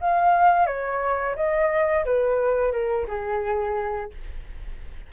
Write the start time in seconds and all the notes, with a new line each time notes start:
0.00 F5
0.66 C#5
1.35 D#5
2.05 B4
2.71 A#4
3.08 G#4